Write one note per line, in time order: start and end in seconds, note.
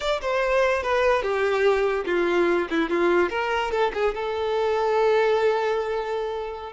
0.00 0.20 D5
0.21 0.82 C5
0.82 1.22 B4
1.22 2.05 G4
2.05 2.67 F4
2.70 2.89 E4
2.89 3.29 F4
3.29 3.71 A#4
3.71 3.92 A4
3.93 4.14 G#4
4.14 6.72 A4